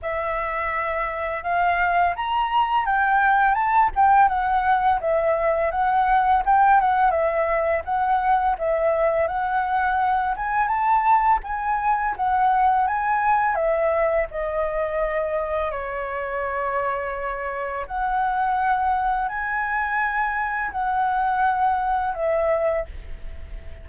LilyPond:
\new Staff \with { instrumentName = "flute" } { \time 4/4 \tempo 4 = 84 e''2 f''4 ais''4 | g''4 a''8 g''8 fis''4 e''4 | fis''4 g''8 fis''8 e''4 fis''4 | e''4 fis''4. gis''8 a''4 |
gis''4 fis''4 gis''4 e''4 | dis''2 cis''2~ | cis''4 fis''2 gis''4~ | gis''4 fis''2 e''4 | }